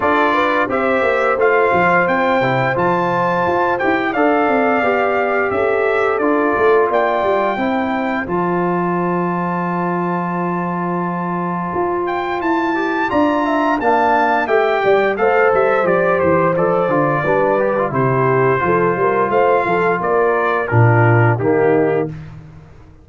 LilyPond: <<
  \new Staff \with { instrumentName = "trumpet" } { \time 4/4 \tempo 4 = 87 d''4 e''4 f''4 g''4 | a''4. g''8 f''2 | e''4 d''4 g''2 | a''1~ |
a''4. g''8 a''4 ais''4 | a''4 g''4 f''8 e''8 d''8 c''8 | d''2 c''2 | f''4 d''4 ais'4 g'4 | }
  \new Staff \with { instrumentName = "horn" } { \time 4/4 a'8 b'8 c''2.~ | c''2 d''2 | a'2 d''4 c''4~ | c''1~ |
c''2. d''8 e''8 | f''4 e''8 d''8 c''2~ | c''4 b'4 g'4 a'8 ais'8 | c''8 a'8 ais'4 f'4 dis'4 | }
  \new Staff \with { instrumentName = "trombone" } { \time 4/4 f'4 g'4 f'4. e'8 | f'4. g'8 a'4 g'4~ | g'4 f'2 e'4 | f'1~ |
f'2~ f'8 g'8 f'4 | d'4 g'4 a'4 g'4 | a'8 f'8 d'8 g'16 f'16 e'4 f'4~ | f'2 d'4 ais4 | }
  \new Staff \with { instrumentName = "tuba" } { \time 4/4 d'4 c'8 ais8 a8 f8 c'8 c8 | f4 f'8 e'8 d'8 c'8 b4 | cis'4 d'8 a8 ais8 g8 c'4 | f1~ |
f4 f'4 e'4 d'4 | ais4 a8 g8 a8 g8 f8 e8 | f8 d8 g4 c4 f8 g8 | a8 f8 ais4 ais,4 dis4 | }
>>